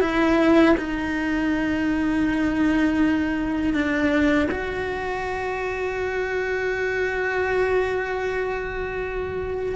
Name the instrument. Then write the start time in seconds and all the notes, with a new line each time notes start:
cello
0.00 E4
0.77 D#4
3.73 D4
4.51 F#4